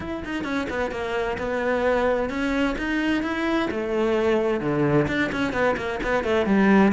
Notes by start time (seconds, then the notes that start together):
0.00 E4
0.24 D#4
0.44 C#4
0.69 B3
0.91 A#3
1.38 B3
2.29 C#4
2.77 D#4
3.22 E4
3.70 A3
4.60 D3
5.07 D4
5.32 C#4
5.52 B3
5.76 A#3
6.03 B3
6.23 A3
6.46 G3